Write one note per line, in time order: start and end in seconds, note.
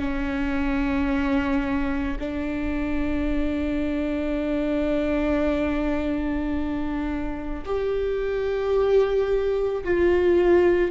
0.00 2.18 C#4
2.20 7.65 D4
7.66 9.84 G4
9.84 10.91 F4